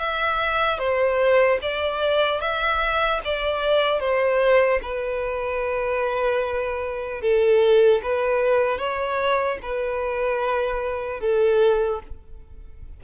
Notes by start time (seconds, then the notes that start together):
0.00 E5
0.79 C5
1.62 D5
2.41 E5
3.25 D5
4.00 C5
4.83 B4
7.22 A4
8.03 B4
8.79 C#5
9.63 B4
11.20 A4